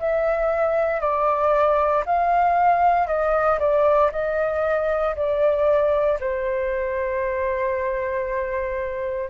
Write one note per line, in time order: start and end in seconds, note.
0.00 1.01 E5
1.01 2.05 D5
2.06 3.08 F5
3.08 3.59 D#5
3.60 4.11 D5
4.12 5.15 D#5
5.16 6.19 D5
6.21 9.31 C5